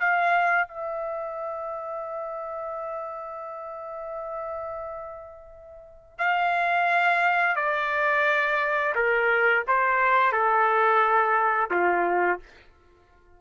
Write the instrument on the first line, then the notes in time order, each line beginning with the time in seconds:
trumpet
0.00 F5
0.68 E5
6.18 F5
7.56 D5
8.95 A#4
9.68 C5
10.32 A4
11.71 F4